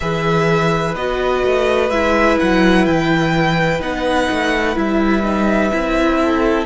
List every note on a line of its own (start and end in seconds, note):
0.00 0.95 E3
0.00 0.96 G#4
0.00 6.20 B4
0.00 0.94 E5
0.95 1.42 B3
0.95 1.92 F#4
0.95 1.90 D#5
1.43 1.90 A3
1.90 2.37 G#3
1.90 3.79 E4
1.90 2.37 E5
2.39 2.86 F#3
2.39 2.85 F#5
2.85 3.80 E3
2.85 3.81 G5
3.79 4.28 B3
3.79 4.74 D#4
3.79 4.77 F#5
4.31 4.76 A3
4.74 5.71 G3
4.74 5.22 E4
4.74 6.65 E5
5.22 5.70 D#4
5.71 6.65 C4
5.71 6.65 E4
6.20 6.65 A4